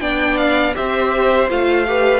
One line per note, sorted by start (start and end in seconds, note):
0.00 0.74 B3
0.00 0.74 D4
0.00 0.75 D5
0.00 0.37 G5
0.37 0.74 F5
0.74 1.50 C4
0.74 1.48 G4
0.74 1.87 C5
0.74 1.49 E5
1.49 2.20 A3
1.49 1.86 F4
1.49 2.20 F5
1.87 2.20 G4
1.87 2.20 B4